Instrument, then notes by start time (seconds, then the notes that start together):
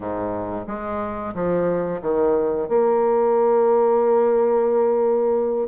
bassoon
0.00 G#2
0.67 G#3
1.34 F3
2.02 D#3
2.68 A#3